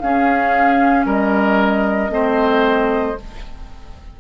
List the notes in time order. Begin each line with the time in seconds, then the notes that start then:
0.00 C#4 G#4 F5
1.05 G3 A#4 D#5
2.10 A3 C4 C5